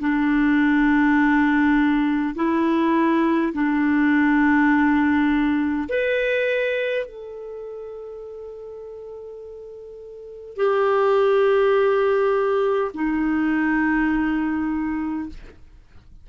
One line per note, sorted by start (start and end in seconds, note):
0.00 2.35 D4
2.35 3.53 E4
3.53 5.89 D4
5.89 7.06 B4
7.06 10.57 A4
10.57 12.92 G4
12.94 15.29 D#4